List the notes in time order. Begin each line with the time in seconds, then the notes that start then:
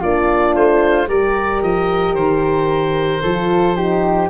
0.00 A#3 D4 F4 D5
0.55 A3 C5
1.07 G3 G4 A#4 D5
1.62 F3 D#5
2.14 D#3 C5
3.22 F3 F4 A4
3.76 D#4 G4